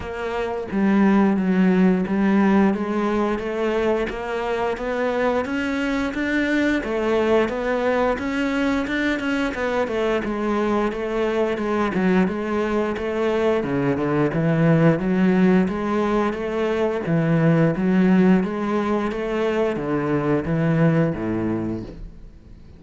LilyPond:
\new Staff \with { instrumentName = "cello" } { \time 4/4 \tempo 4 = 88 ais4 g4 fis4 g4 | gis4 a4 ais4 b4 | cis'4 d'4 a4 b4 | cis'4 d'8 cis'8 b8 a8 gis4 |
a4 gis8 fis8 gis4 a4 | cis8 d8 e4 fis4 gis4 | a4 e4 fis4 gis4 | a4 d4 e4 a,4 | }